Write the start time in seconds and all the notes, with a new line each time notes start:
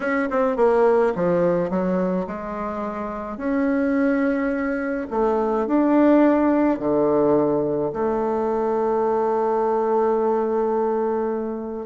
0.00 C#4
0.30 C4
0.56 A#3
1.15 F3
1.70 F#3
2.26 G#3
3.37 C#4
5.10 A3
5.66 D4
6.79 D3
7.92 A3